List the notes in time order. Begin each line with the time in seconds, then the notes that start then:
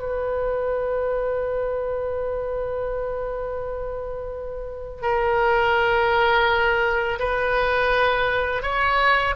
0.00 B4
5.02 A#4
7.20 B4
8.63 C#5